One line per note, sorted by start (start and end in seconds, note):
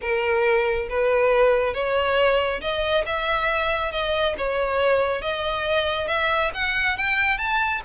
0.01 0.88 A#4
0.89 1.74 B4
1.74 2.61 C#5
2.61 3.04 D#5
3.06 3.91 E5
3.91 4.35 D#5
4.37 5.21 C#5
5.21 6.07 D#5
6.07 6.51 E5
6.54 6.97 F#5
6.97 7.38 G5
7.38 7.81 A5